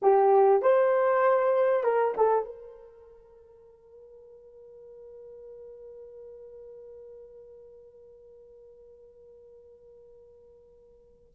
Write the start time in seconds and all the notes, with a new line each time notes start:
0.01 G4
0.62 C5
1.83 A#4
2.17 A4
2.44 A#4